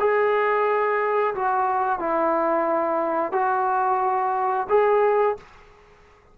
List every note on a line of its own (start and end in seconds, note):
0.00 1.35 G#4
1.35 1.99 F#4
1.99 3.32 E4
3.32 4.67 F#4
4.69 5.37 G#4